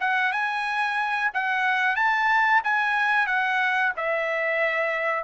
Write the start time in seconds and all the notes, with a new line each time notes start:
0.00 F#5
0.32 G#5
1.34 F#5
1.96 A5
2.64 G#5
3.27 F#5
3.97 E5